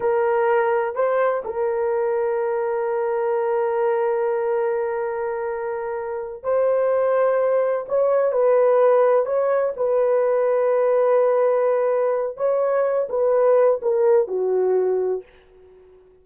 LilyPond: \new Staff \with { instrumentName = "horn" } { \time 4/4 \tempo 4 = 126 ais'2 c''4 ais'4~ | ais'1~ | ais'1~ | ais'4. c''2~ c''8~ |
c''8 cis''4 b'2 cis''8~ | cis''8 b'2.~ b'8~ | b'2 cis''4. b'8~ | b'4 ais'4 fis'2 | }